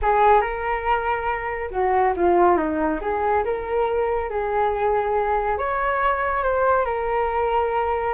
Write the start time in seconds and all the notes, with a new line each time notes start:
0.02 G#4
0.41 A#4
1.70 F#4
2.16 F4
2.57 D#4
3.01 G#4
3.44 A#4
4.30 G#4
5.58 C#5
6.43 C5
6.85 A#4